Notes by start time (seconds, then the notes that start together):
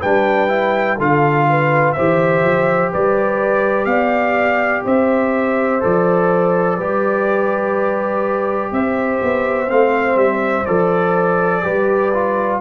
0.00 G3 D4 B4 G5
0.48 E4
0.98 D3 F4 A4 F5
1.49 B4
1.93 E3 G4 C5 E5
2.43 F3
2.92 G3 B4 D5
3.85 B3 D5 F5
4.84 C4 C5 E5
5.80 F3 A4 D5
6.77 G3 G4 B4
8.72 C4 C5 E5
9.22 B3
9.68 A3 C4 F5
10.16 G3 E5
10.65 F3 A4 D5
11.63 G3 G4 B4
12.14 F4